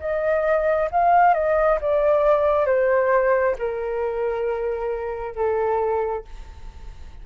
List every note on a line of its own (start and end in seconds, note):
0.00 0.90 D#5
0.91 1.34 F5
1.34 1.79 D#5
1.81 2.66 D5
2.66 3.55 C5
3.59 5.35 A#4
5.35 6.25 A4